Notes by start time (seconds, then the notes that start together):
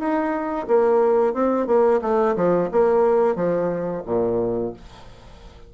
0.00 D#4
0.68 A#3
1.34 C4
1.67 A#3
2.02 A3
2.37 F3
2.72 A#3
3.36 F3
4.06 A#2